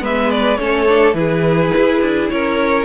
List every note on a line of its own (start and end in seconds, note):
0.00 0.59 G#3
0.00 0.57 B3
0.00 0.59 B4
0.00 0.31 E5
0.31 0.58 D5
0.58 1.14 A3
0.58 0.87 C#4
0.58 1.17 A4
0.58 1.14 C#5
0.88 1.14 D4
1.14 1.71 E3
1.14 2.85 E4
1.14 2.33 G#4
1.14 2.28 B4
1.78 2.01 E4
2.01 2.30 D4
2.30 2.85 C#4
2.30 2.85 A#4
2.30 2.85 C#5